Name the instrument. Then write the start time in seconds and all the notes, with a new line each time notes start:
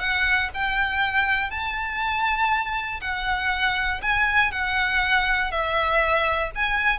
violin
0.00 F#5
0.54 G5
1.50 A5
3.01 F#5
4.02 G#5
4.52 F#5
5.51 E5
6.55 G#5